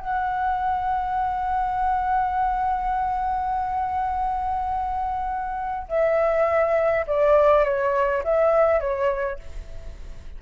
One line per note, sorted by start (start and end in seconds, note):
0.00 5.88 F#5
5.89 7.06 E5
7.07 7.65 D5
7.65 8.24 C#5
8.24 8.81 E5
8.81 9.40 C#5